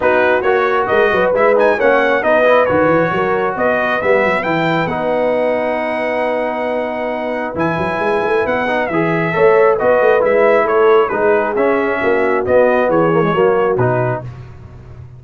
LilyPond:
<<
  \new Staff \with { instrumentName = "trumpet" } { \time 4/4 \tempo 4 = 135 b'4 cis''4 dis''4 e''8 gis''8 | fis''4 dis''4 cis''2 | dis''4 e''4 g''4 fis''4~ | fis''1~ |
fis''4 gis''2 fis''4 | e''2 dis''4 e''4 | cis''4 b'4 e''2 | dis''4 cis''2 b'4 | }
  \new Staff \with { instrumentName = "horn" } { \time 4/4 fis'2 ais'8 b'4. | cis''4 b'2 ais'4 | b'1~ | b'1~ |
b'1~ | b'4 cis''4 b'2 | a'4 gis'2 fis'4~ | fis'4 gis'4 fis'2 | }
  \new Staff \with { instrumentName = "trombone" } { \time 4/4 dis'4 fis'2 e'8 dis'8 | cis'4 dis'8 e'8 fis'2~ | fis'4 b4 e'4 dis'4~ | dis'1~ |
dis'4 e'2~ e'8 dis'8 | gis'4 a'4 fis'4 e'4~ | e'4 dis'4 cis'2 | b4. ais16 gis16 ais4 dis'4 | }
  \new Staff \with { instrumentName = "tuba" } { \time 4/4 b4 ais4 gis8 fis8 gis4 | ais4 b4 dis8 e8 fis4 | b4 g8 fis8 e4 b4~ | b1~ |
b4 e8 fis8 gis8 a8 b4 | e4 a4 b8 a8 gis4 | a4 gis4 cis'4 ais4 | b4 e4 fis4 b,4 | }
>>